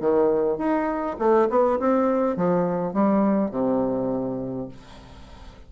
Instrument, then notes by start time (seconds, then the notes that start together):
bassoon
0.00 D#3
0.57 D#4
1.18 A3
1.49 B3
1.79 C4
2.36 F3
2.93 G3
3.51 C3